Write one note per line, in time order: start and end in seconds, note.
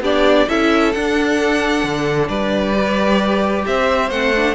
0.00 0.45 B3
0.00 0.48 D4
0.00 0.47 G4
0.00 0.49 D5
0.48 0.95 C#4
0.48 0.94 E4
0.48 2.29 A4
0.48 0.92 E5
0.92 1.84 D4
0.92 2.74 D4
0.92 2.28 F#5
1.84 2.29 D3
2.28 3.65 G3
2.28 3.65 B4
2.28 3.65 D5
2.74 4.10 G4
3.66 4.11 C4
3.66 4.55 C5
3.66 4.10 E5
4.10 4.55 A3
4.10 4.33 C4
4.10 4.55 F#5
4.36 4.55 D4